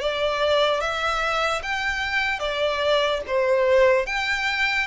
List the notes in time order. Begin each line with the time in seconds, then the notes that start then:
0.00 D5
0.80 E5
1.63 G5
2.39 D5
3.27 C5
4.06 G5